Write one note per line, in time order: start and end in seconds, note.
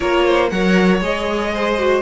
0.00 0.51 A#3
0.00 0.50 F4
0.00 0.24 A#4
0.00 0.49 C#5
0.25 0.51 C5
0.49 1.00 F#3
0.49 1.02 A#4
0.49 1.53 C#5
0.49 1.00 F#5
1.00 2.01 G#3
1.00 1.78 G#4
1.00 2.01 D#5
1.53 2.01 C5
1.78 2.01 F#4